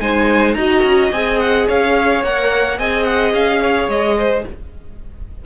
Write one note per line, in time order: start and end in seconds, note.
0.00 0.55 G#3
0.00 0.57 D#4
0.00 0.57 C5
0.00 0.54 G#5
0.54 0.83 D#4
0.54 1.13 F#4
0.54 1.68 D#5
0.54 1.09 A#5
0.83 1.11 C#4
1.12 1.67 C4
1.12 2.24 G#4
1.12 1.39 G#5
1.39 1.67 F#5
1.68 2.23 C#4
1.68 2.78 C#5
1.68 2.24 F5
2.23 2.79 A#3
2.23 2.78 A#4
2.23 2.79 F#5
2.78 3.33 C4
2.78 4.45 G#4
2.78 3.61 D#5
2.78 3.04 G#5
3.04 3.32 F#5
3.33 3.88 C#4
3.33 3.90 F5
3.61 4.17 C#5
3.88 4.43 G#3
3.88 4.45 D#5
4.18 4.45 C5